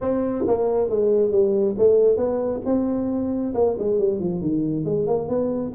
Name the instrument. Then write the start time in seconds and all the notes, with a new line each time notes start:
tuba
0.01 C4
0.47 A#3
0.89 G#3
1.31 G3
1.78 A3
2.16 B3
2.65 C4
3.54 A#3
3.78 G#3
3.98 G3
4.19 F3
4.41 D#3
4.84 G#3
5.06 A#3
5.28 B3